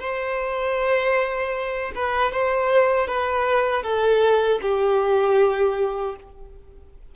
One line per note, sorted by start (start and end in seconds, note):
0.00 1.92 C5
1.96 2.33 B4
2.33 3.07 C5
3.07 3.83 B4
3.83 4.60 A4
4.62 6.16 G4